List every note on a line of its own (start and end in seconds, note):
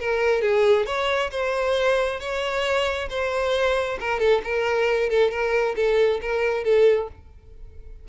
0.00 0.42 A#4
0.42 0.86 G#4
0.86 1.31 C#5
1.31 2.20 C5
2.20 3.09 C#5
3.10 3.99 C5
4.00 4.20 A#4
4.20 4.42 A4
4.44 5.10 A#4
5.10 5.31 A4
5.31 5.76 A#4
5.76 6.21 A4
6.21 6.64 A#4
6.64 7.08 A4